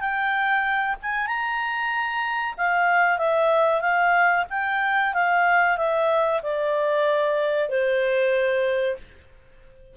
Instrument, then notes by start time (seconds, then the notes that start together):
clarinet
0.00 G5
1.02 G#5
1.26 A#5
2.57 F5
3.18 E5
3.81 F5
4.50 G5
5.14 F5
5.77 E5
6.42 D5
7.69 C5